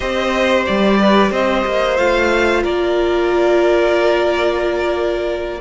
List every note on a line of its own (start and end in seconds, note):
0.00 0.66 C4
0.00 1.97 G4
0.00 0.98 C5
0.00 0.63 D#5
0.66 1.31 G3
0.66 1.32 D5
0.99 1.30 B4
1.30 1.64 C4
1.30 2.62 C5
1.30 1.97 D#5
1.65 1.98 A#3
1.97 2.64 A3
1.97 5.59 F4
1.97 2.63 F5
2.62 5.61 A#3
2.62 5.59 A#4
2.62 5.60 D5